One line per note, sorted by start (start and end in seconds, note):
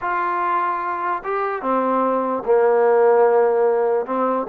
0.01 1.23 F4
1.24 1.62 G4
1.62 2.43 C4
2.45 4.06 A#3
4.06 4.46 C4